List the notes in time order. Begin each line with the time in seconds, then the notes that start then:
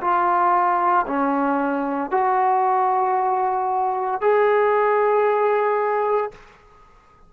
0.00 F4
1.07 C#4
2.11 F#4
4.21 G#4